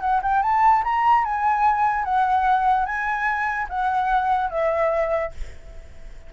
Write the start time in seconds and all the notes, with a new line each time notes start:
0.00 F#5
0.22 G5
0.42 A5
0.83 A#5
1.24 G#5
2.04 F#5
2.85 G#5
3.69 F#5
4.50 E5